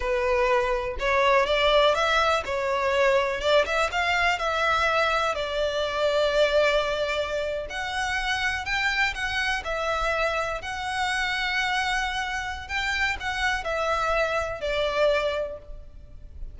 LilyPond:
\new Staff \with { instrumentName = "violin" } { \time 4/4 \tempo 4 = 123 b'2 cis''4 d''4 | e''4 cis''2 d''8 e''8 | f''4 e''2 d''4~ | d''2.~ d''8. fis''16~ |
fis''4.~ fis''16 g''4 fis''4 e''16~ | e''4.~ e''16 fis''2~ fis''16~ | fis''2 g''4 fis''4 | e''2 d''2 | }